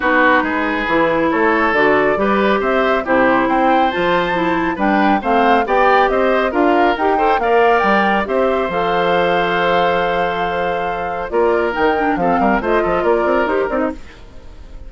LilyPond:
<<
  \new Staff \with { instrumentName = "flute" } { \time 4/4 \tempo 4 = 138 b'2. cis''4 | d''2 e''4 c''4 | g''4 a''2 g''4 | f''4 g''4 dis''4 f''4 |
g''4 f''4 g''4 e''4 | f''1~ | f''2 d''4 g''4 | f''4 dis''4 d''4 c''8 d''16 dis''16 | }
  \new Staff \with { instrumentName = "oboe" } { \time 4/4 fis'4 gis'2 a'4~ | a'4 b'4 c''4 g'4 | c''2. b'4 | c''4 d''4 c''4 ais'4~ |
ais'8 c''8 d''2 c''4~ | c''1~ | c''2 ais'2 | a'8 ais'8 c''8 a'8 ais'2 | }
  \new Staff \with { instrumentName = "clarinet" } { \time 4/4 dis'2 e'2 | fis'4 g'2 e'4~ | e'4 f'4 e'4 d'4 | c'4 g'2 f'4 |
g'8 a'8 ais'2 g'4 | a'1~ | a'2 f'4 dis'8 d'8 | c'4 f'2 g'8 dis'8 | }
  \new Staff \with { instrumentName = "bassoon" } { \time 4/4 b4 gis4 e4 a4 | d4 g4 c'4 c4 | c'4 f2 g4 | a4 b4 c'4 d'4 |
dis'4 ais4 g4 c'4 | f1~ | f2 ais4 dis4 | f8 g8 a8 f8 ais8 c'8 dis'8 c'8 | }
>>